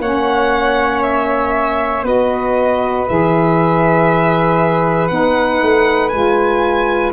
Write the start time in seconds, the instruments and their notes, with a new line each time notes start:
0.00 tuba A#3, saxophone C#4, flute C#5, violin F#5
1.03 violin E5
2.03 tuba B3, saxophone F#4, flute B4, violin D#5
3.08 tuba E3, saxophone G#4, violin E5
5.08 tuba B3, saxophone D#4, violin F#5
5.62 tuba A3
6.10 tuba G#3, saxophone F4, violin G#5